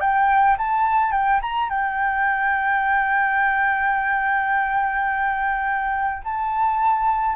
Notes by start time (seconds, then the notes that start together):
0.00 G5
0.58 A5
1.12 G5
1.42 A#5
1.70 G5
6.24 A5